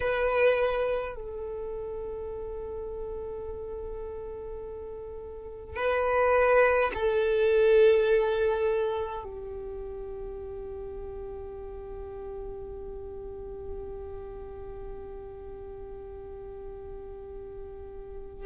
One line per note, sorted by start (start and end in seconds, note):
0.00 1.15 B4
1.15 5.76 A4
5.76 6.91 B4
6.94 9.23 A4
9.23 18.46 G4